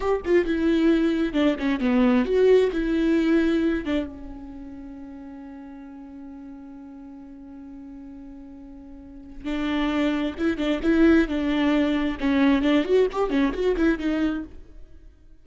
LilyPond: \new Staff \with { instrumentName = "viola" } { \time 4/4 \tempo 4 = 133 g'8 f'8 e'2 d'8 cis'8 | b4 fis'4 e'2~ | e'8 d'8 cis'2.~ | cis'1~ |
cis'1~ | cis'4 d'2 e'8 d'8 | e'4 d'2 cis'4 | d'8 fis'8 g'8 cis'8 fis'8 e'8 dis'4 | }